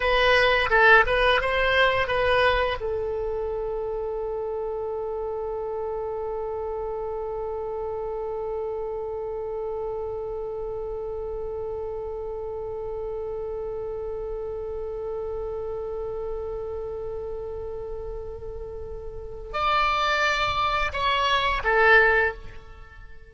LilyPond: \new Staff \with { instrumentName = "oboe" } { \time 4/4 \tempo 4 = 86 b'4 a'8 b'8 c''4 b'4 | a'1~ | a'1~ | a'1~ |
a'1~ | a'1~ | a'1 | d''2 cis''4 a'4 | }